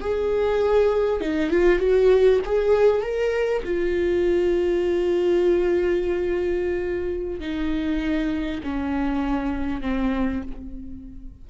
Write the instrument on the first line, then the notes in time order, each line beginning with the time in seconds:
viola
0.00 G#4
1.21 D#4
1.50 F4
1.79 F#4
2.45 G#4
3.02 A#4
3.64 F4
7.40 D#4
8.63 C#4
9.81 C4